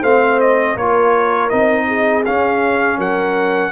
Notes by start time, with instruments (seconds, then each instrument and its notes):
0.00 tuba A3, trombone C4, horn C5, trumpet F5
0.40 trumpet D#5
0.74 tuba A#3, trombone F4, horn A#4, trumpet C#5
1.49 tuba C4, trombone D#4, trumpet D#5
1.87 horn G#4
2.25 trombone C#4, tuba C#4, trumpet F5
2.98 tuba F#3, horn A#4, trumpet F#5